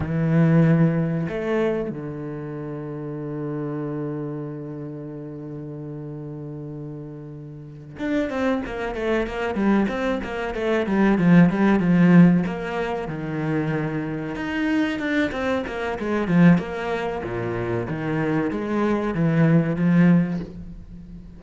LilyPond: \new Staff \with { instrumentName = "cello" } { \time 4/4 \tempo 4 = 94 e2 a4 d4~ | d1~ | d1~ | d8 d'8 c'8 ais8 a8 ais8 g8 c'8 |
ais8 a8 g8 f8 g8 f4 ais8~ | ais8 dis2 dis'4 d'8 | c'8 ais8 gis8 f8 ais4 ais,4 | dis4 gis4 e4 f4 | }